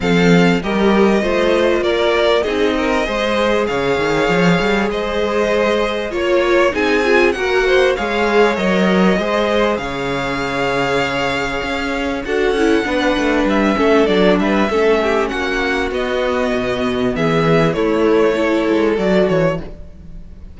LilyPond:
<<
  \new Staff \with { instrumentName = "violin" } { \time 4/4 \tempo 4 = 98 f''4 dis''2 d''4 | dis''2 f''2 | dis''2 cis''4 gis''4 | fis''4 f''4 dis''2 |
f''1 | fis''2 e''4 d''8 e''8~ | e''4 fis''4 dis''2 | e''4 cis''2 d''8 cis''8 | }
  \new Staff \with { instrumentName = "violin" } { \time 4/4 a'4 ais'4 c''4 ais'4 | gis'8 ais'8 c''4 cis''2 | c''2 cis''4 gis'4 | ais'8 c''8 cis''2 c''4 |
cis''1 | a'4 b'4. a'4 b'8 | a'8 g'8 fis'2. | gis'4 e'4 a'2 | }
  \new Staff \with { instrumentName = "viola" } { \time 4/4 c'4 g'4 f'2 | dis'4 gis'2.~ | gis'2 f'4 dis'8 f'8 | fis'4 gis'4 ais'4 gis'4~ |
gis'1 | fis'8 e'8 d'4. cis'8 d'4 | cis'2 b2~ | b4 a4 e'4 fis'4 | }
  \new Staff \with { instrumentName = "cello" } { \time 4/4 f4 g4 a4 ais4 | c'4 gis4 cis8 dis8 f8 g8 | gis2 ais4 c'4 | ais4 gis4 fis4 gis4 |
cis2. cis'4 | d'8 cis'8 b8 a8 g8 a8 fis8 g8 | a4 ais4 b4 b,4 | e4 a4. gis8 fis8 e8 | }
>>